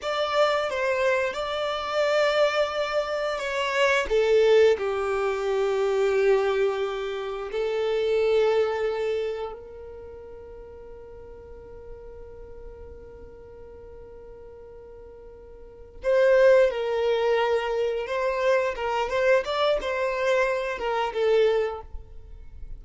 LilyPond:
\new Staff \with { instrumentName = "violin" } { \time 4/4 \tempo 4 = 88 d''4 c''4 d''2~ | d''4 cis''4 a'4 g'4~ | g'2. a'4~ | a'2 ais'2~ |
ais'1~ | ais'2.~ ais'8 c''8~ | c''8 ais'2 c''4 ais'8 | c''8 d''8 c''4. ais'8 a'4 | }